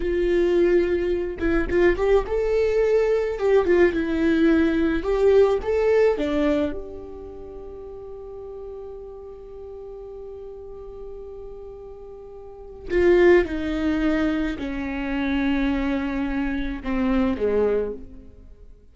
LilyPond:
\new Staff \with { instrumentName = "viola" } { \time 4/4 \tempo 4 = 107 f'2~ f'8 e'8 f'8 g'8 | a'2 g'8 f'8 e'4~ | e'4 g'4 a'4 d'4 | g'1~ |
g'1~ | g'2. f'4 | dis'2 cis'2~ | cis'2 c'4 gis4 | }